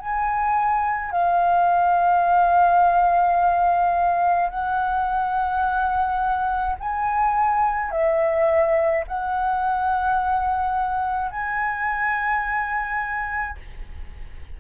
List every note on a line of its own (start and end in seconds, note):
0.00 1.12 G#5
1.12 4.50 F5
4.50 6.77 F#5
6.80 7.91 G#5
7.91 9.05 E5
9.08 11.32 F#5
11.32 13.58 G#5